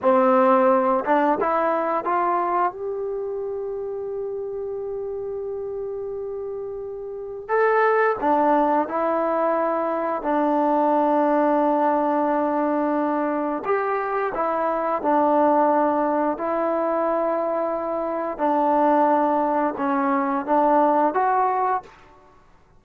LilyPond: \new Staff \with { instrumentName = "trombone" } { \time 4/4 \tempo 4 = 88 c'4. d'8 e'4 f'4 | g'1~ | g'2. a'4 | d'4 e'2 d'4~ |
d'1 | g'4 e'4 d'2 | e'2. d'4~ | d'4 cis'4 d'4 fis'4 | }